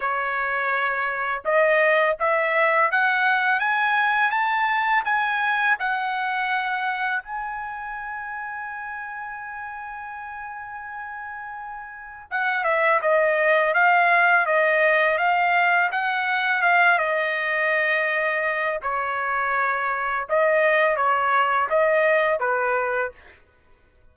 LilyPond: \new Staff \with { instrumentName = "trumpet" } { \time 4/4 \tempo 4 = 83 cis''2 dis''4 e''4 | fis''4 gis''4 a''4 gis''4 | fis''2 gis''2~ | gis''1~ |
gis''4 fis''8 e''8 dis''4 f''4 | dis''4 f''4 fis''4 f''8 dis''8~ | dis''2 cis''2 | dis''4 cis''4 dis''4 b'4 | }